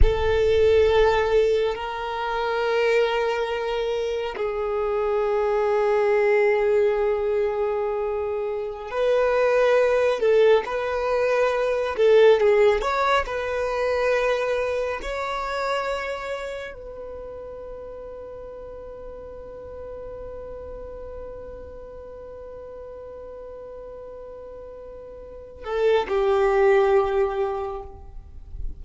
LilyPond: \new Staff \with { instrumentName = "violin" } { \time 4/4 \tempo 4 = 69 a'2 ais'2~ | ais'4 gis'2.~ | gis'2~ gis'16 b'4. a'16~ | a'16 b'4. a'8 gis'8 cis''8 b'8.~ |
b'4~ b'16 cis''2 b'8.~ | b'1~ | b'1~ | b'4. a'8 g'2 | }